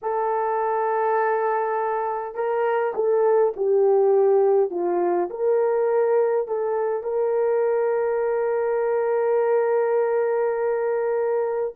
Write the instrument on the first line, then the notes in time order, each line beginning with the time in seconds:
horn
0.02 A4
2.35 A#4
2.94 A4
3.56 G4
4.70 F4
5.29 A#4
6.47 A4
7.03 A#4